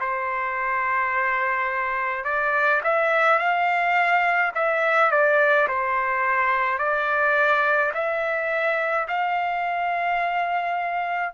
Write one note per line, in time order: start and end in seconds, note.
0.00 2.24 C5
2.24 2.81 D5
2.84 3.39 E5
3.39 4.52 F5
4.55 5.11 E5
5.11 5.68 D5
5.68 6.79 C5
6.79 7.92 D5
7.94 9.07 E5
9.08 11.34 F5